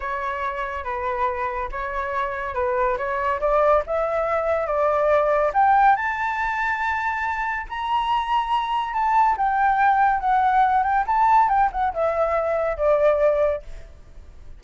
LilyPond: \new Staff \with { instrumentName = "flute" } { \time 4/4 \tempo 4 = 141 cis''2 b'2 | cis''2 b'4 cis''4 | d''4 e''2 d''4~ | d''4 g''4 a''2~ |
a''2 ais''2~ | ais''4 a''4 g''2 | fis''4. g''8 a''4 g''8 fis''8 | e''2 d''2 | }